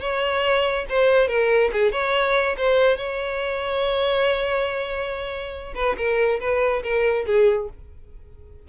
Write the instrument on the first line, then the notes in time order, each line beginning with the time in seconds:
violin
0.00 C#5
0.89 C5
1.27 A#4
1.72 G#4
1.91 C#5
2.57 C5
2.97 C#5
5.74 B4
5.97 A#4
6.40 B4
6.83 A#4
7.26 G#4